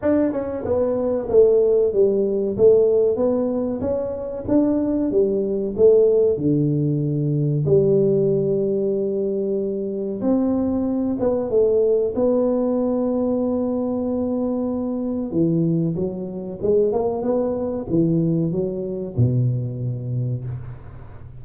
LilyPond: \new Staff \with { instrumentName = "tuba" } { \time 4/4 \tempo 4 = 94 d'8 cis'8 b4 a4 g4 | a4 b4 cis'4 d'4 | g4 a4 d2 | g1 |
c'4. b8 a4 b4~ | b1 | e4 fis4 gis8 ais8 b4 | e4 fis4 b,2 | }